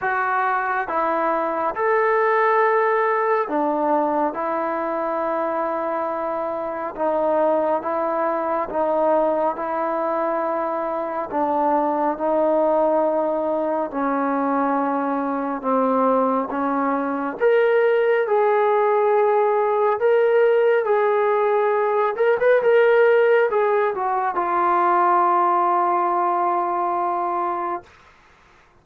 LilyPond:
\new Staff \with { instrumentName = "trombone" } { \time 4/4 \tempo 4 = 69 fis'4 e'4 a'2 | d'4 e'2. | dis'4 e'4 dis'4 e'4~ | e'4 d'4 dis'2 |
cis'2 c'4 cis'4 | ais'4 gis'2 ais'4 | gis'4. ais'16 b'16 ais'4 gis'8 fis'8 | f'1 | }